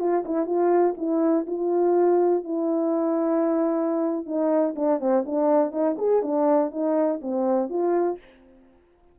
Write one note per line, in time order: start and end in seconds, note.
0.00 0.24 F4
0.26 0.46 E4
0.46 0.95 F4
0.97 1.46 E4
1.47 2.45 F4
2.45 4.26 E4
4.26 4.75 D#4
4.76 5.00 D4
5.00 5.25 C4
5.26 5.72 D4
5.72 5.96 D#4
5.98 6.23 G#4
6.23 6.71 D4
6.72 7.20 D#4
7.22 7.70 C4
7.70 8.19 F4